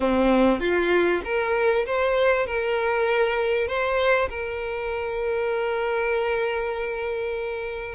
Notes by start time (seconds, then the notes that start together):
0.00 C4
0.60 F4
1.24 A#4
1.85 C5
2.46 A#4
3.67 C5
4.29 A#4